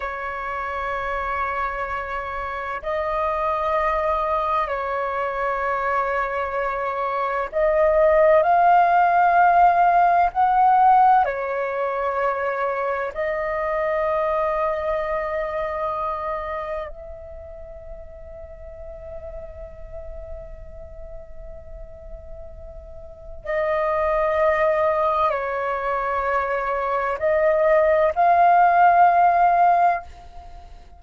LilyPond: \new Staff \with { instrumentName = "flute" } { \time 4/4 \tempo 4 = 64 cis''2. dis''4~ | dis''4 cis''2. | dis''4 f''2 fis''4 | cis''2 dis''2~ |
dis''2 e''2~ | e''1~ | e''4 dis''2 cis''4~ | cis''4 dis''4 f''2 | }